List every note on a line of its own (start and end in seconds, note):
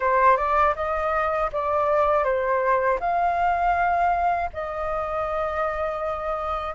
0.00 0.36 C5
0.36 0.74 D5
0.75 1.50 D#5
1.52 2.24 D5
2.24 2.99 C5
3.00 4.50 F5
4.53 6.74 D#5